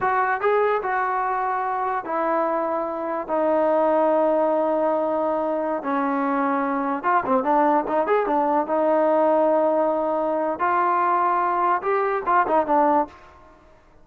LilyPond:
\new Staff \with { instrumentName = "trombone" } { \time 4/4 \tempo 4 = 147 fis'4 gis'4 fis'2~ | fis'4 e'2. | dis'1~ | dis'2~ dis'16 cis'4.~ cis'16~ |
cis'4~ cis'16 f'8 c'8 d'4 dis'8 gis'16~ | gis'16 d'4 dis'2~ dis'8.~ | dis'2 f'2~ | f'4 g'4 f'8 dis'8 d'4 | }